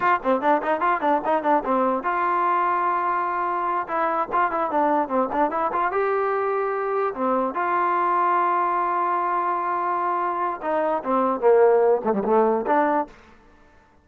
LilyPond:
\new Staff \with { instrumentName = "trombone" } { \time 4/4 \tempo 4 = 147 f'8 c'8 d'8 dis'8 f'8 d'8 dis'8 d'8 | c'4 f'2.~ | f'4. e'4 f'8 e'8 d'8~ | d'8 c'8 d'8 e'8 f'8 g'4.~ |
g'4. c'4 f'4.~ | f'1~ | f'2 dis'4 c'4 | ais4. a16 g16 a4 d'4 | }